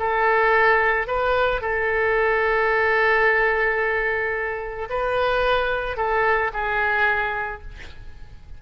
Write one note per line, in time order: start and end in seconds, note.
0.00 1.08 A4
1.08 1.62 B4
1.62 4.89 A4
4.90 5.97 B4
5.97 6.52 A4
6.54 7.63 G#4